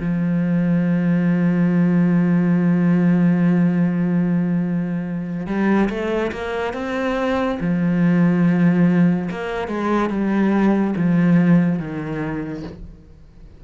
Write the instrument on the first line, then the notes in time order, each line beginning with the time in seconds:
cello
0.00 F3
5.47 G3
5.89 A3
6.32 A#3
6.74 C4
7.61 F3
9.31 A#3
9.68 G#3
10.10 G3
10.96 F3
11.79 D#3